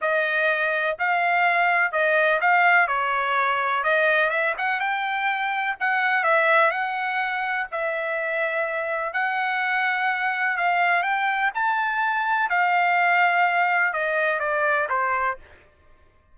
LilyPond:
\new Staff \with { instrumentName = "trumpet" } { \time 4/4 \tempo 4 = 125 dis''2 f''2 | dis''4 f''4 cis''2 | dis''4 e''8 fis''8 g''2 | fis''4 e''4 fis''2 |
e''2. fis''4~ | fis''2 f''4 g''4 | a''2 f''2~ | f''4 dis''4 d''4 c''4 | }